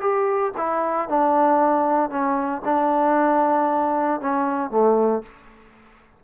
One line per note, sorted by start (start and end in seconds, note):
0.00 0.52 G4
0.57 1.08 E4
1.08 2.10 D4
2.10 2.62 C#4
2.64 4.20 D4
4.20 4.70 C#4
4.70 5.22 A3